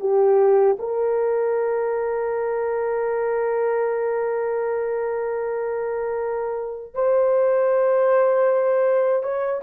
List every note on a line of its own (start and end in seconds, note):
0.00 0.77 G4
0.79 6.94 A#4
6.94 9.23 C5
9.23 9.62 C#5